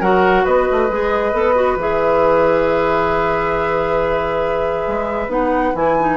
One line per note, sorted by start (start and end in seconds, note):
0.00 0.44 F#3
0.00 0.90 F#4
0.00 0.44 A#4
0.00 0.45 F#5
0.44 0.68 B3
0.44 6.17 B4
0.44 1.77 D#5
0.72 0.89 A3
0.89 1.32 G#3
0.89 1.33 G#4
1.32 1.76 B3
1.32 1.55 A4
1.55 1.77 F#4
1.76 4.85 E3
1.76 5.29 G#4
1.76 5.31 E5
4.87 5.27 G#3
5.27 5.72 B3
5.27 5.73 D#4
5.27 5.75 F#5
5.75 6.17 E3
5.75 5.97 E4
5.75 6.17 G#5
6.00 6.17 D#4